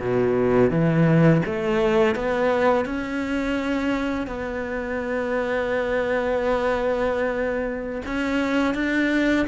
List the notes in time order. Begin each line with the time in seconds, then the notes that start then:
0.00 B2
0.70 E3
1.46 A3
2.15 B3
2.85 C#4
4.27 B3
8.06 C#4
8.75 D4